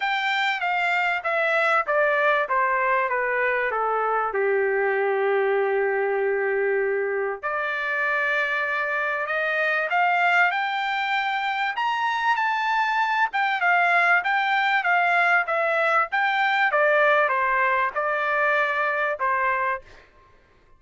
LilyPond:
\new Staff \with { instrumentName = "trumpet" } { \time 4/4 \tempo 4 = 97 g''4 f''4 e''4 d''4 | c''4 b'4 a'4 g'4~ | g'1 | d''2. dis''4 |
f''4 g''2 ais''4 | a''4. g''8 f''4 g''4 | f''4 e''4 g''4 d''4 | c''4 d''2 c''4 | }